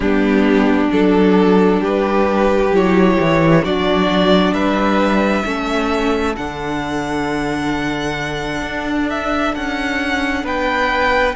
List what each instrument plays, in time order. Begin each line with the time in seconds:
0.00 cello G3, viola B3, violin D4 G4
0.90 cello F#3, viola D4, violin A4
1.80 cello G3, violin G4 B4
2.71 cello F#3, viola E4, violin C#5
3.20 cello E3
3.63 cello F#3, viola D4, violin F#4 D5
4.52 cello G3, violin B4 E5
5.45 cello A3, viola C#4, violin A4
6.36 cello D3, viola D4, violin F#5
8.62 cello D4
9.09 violin E5
9.54 cello C#4, violin F#5
10.43 cello B3, violin B4 G5